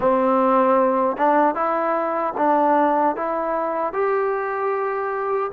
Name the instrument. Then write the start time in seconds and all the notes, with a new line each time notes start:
trombone
0.00 C4
1.16 D4
1.54 E4
2.37 D4
3.15 E4
3.93 G4